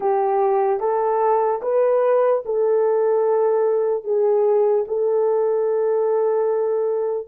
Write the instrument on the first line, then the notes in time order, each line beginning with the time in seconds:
horn
0.00 G4
0.80 A4
1.62 B4
2.45 A4
4.04 G#4
4.87 A4